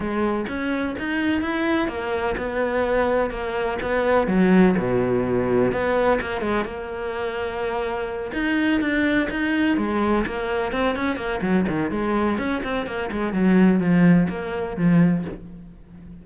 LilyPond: \new Staff \with { instrumentName = "cello" } { \time 4/4 \tempo 4 = 126 gis4 cis'4 dis'4 e'4 | ais4 b2 ais4 | b4 fis4 b,2 | b4 ais8 gis8 ais2~ |
ais4. dis'4 d'4 dis'8~ | dis'8 gis4 ais4 c'8 cis'8 ais8 | fis8 dis8 gis4 cis'8 c'8 ais8 gis8 | fis4 f4 ais4 f4 | }